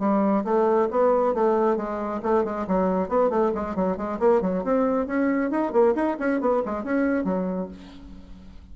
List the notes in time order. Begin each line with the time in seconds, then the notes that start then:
0.00 G3
0.45 A3
0.91 B3
1.35 A3
1.77 G#3
2.23 A3
2.45 G#3
2.68 F#3
3.09 B3
3.30 A3
3.55 G#3
3.76 F#3
3.97 G#3
4.20 A#3
4.42 F#3
4.64 C4
5.07 C#4
5.51 D#4
5.73 A#3
5.95 D#4
6.20 C#4
6.41 B3
6.66 G#3
6.84 C#4
7.25 F#3